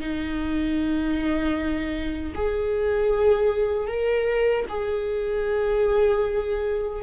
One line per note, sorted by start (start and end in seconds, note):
0.00 2.34 D#4
2.35 3.88 G#4
3.88 4.66 A#4
4.69 7.02 G#4